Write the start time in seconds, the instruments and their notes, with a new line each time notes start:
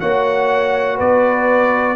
0.00 tuba A#3, trombone F#4, horn C#5, trumpet F#5
0.96 tuba B3, horn B4, trumpet D5